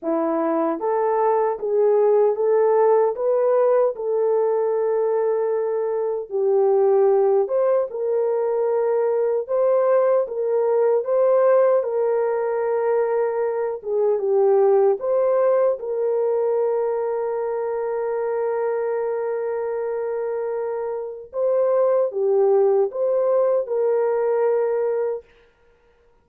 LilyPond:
\new Staff \with { instrumentName = "horn" } { \time 4/4 \tempo 4 = 76 e'4 a'4 gis'4 a'4 | b'4 a'2. | g'4. c''8 ais'2 | c''4 ais'4 c''4 ais'4~ |
ais'4. gis'8 g'4 c''4 | ais'1~ | ais'2. c''4 | g'4 c''4 ais'2 | }